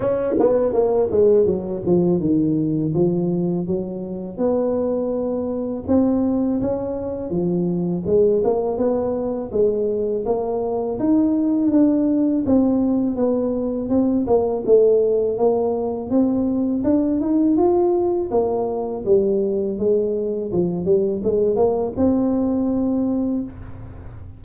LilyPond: \new Staff \with { instrumentName = "tuba" } { \time 4/4 \tempo 4 = 82 cis'8 b8 ais8 gis8 fis8 f8 dis4 | f4 fis4 b2 | c'4 cis'4 f4 gis8 ais8 | b4 gis4 ais4 dis'4 |
d'4 c'4 b4 c'8 ais8 | a4 ais4 c'4 d'8 dis'8 | f'4 ais4 g4 gis4 | f8 g8 gis8 ais8 c'2 | }